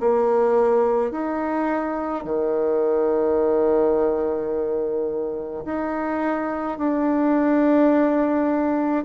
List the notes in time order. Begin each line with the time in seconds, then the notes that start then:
0.00 A#3
1.12 D#4
2.25 D#3
5.66 D#4
6.78 D4